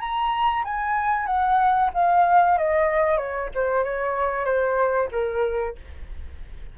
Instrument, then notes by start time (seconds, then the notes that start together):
flute
0.00 A#5
0.64 G#5
1.26 F#5
1.94 F5
2.58 D#5
3.18 C#5
3.55 C5
3.84 C#5
4.45 C5
5.12 A#4